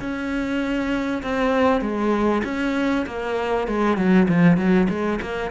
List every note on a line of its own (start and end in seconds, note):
0.00 1.22 C#4
1.23 1.81 C4
1.81 2.42 G#3
2.44 3.05 C#4
3.06 3.67 A#3
3.68 3.97 G#3
3.97 4.27 F#3
4.28 4.57 F3
4.57 4.87 F#3
4.89 5.20 G#3
5.21 5.51 A#3